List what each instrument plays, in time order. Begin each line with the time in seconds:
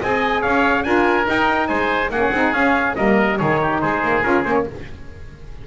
0.00 double bass C4, saxophone G#4, oboe D#5, trumpet G#5
0.42 double bass C#4, oboe C#5, trumpet F5
0.83 double bass D4, saxophone F4, oboe A#4, trumpet G#5
1.24 saxophone D#4, double bass D#4, trumpet G5
1.68 double bass G#3, oboe C5, trumpet G#5
2.10 double bass A#3, saxophone C#4, oboe G#4, trumpet F#5
2.32 double bass C4, saxophone D#4
2.52 double bass C#4, saxophone C#4, trumpet F5
2.95 double bass G3, saxophone A#3, oboe A#4, trumpet D#5
3.38 double bass D#3, saxophone D#4, oboe G#4, trumpet C#5
3.62 oboe G4
3.81 double bass G#3, oboe G#4, trumpet C5
4.03 double bass A#3
4.23 double bass C#4, saxophone F4, trumpet A#4
4.45 double bass A#3, saxophone C#4, trumpet C5
4.54 trumpet C#5